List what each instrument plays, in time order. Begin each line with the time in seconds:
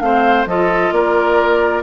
0.00 bassoon A3, clarinet C4, oboe C5, flute F5
0.45 bassoon F3, clarinet F4, oboe A4, flute D#5
0.92 bassoon A#3, oboe A#4, flute D5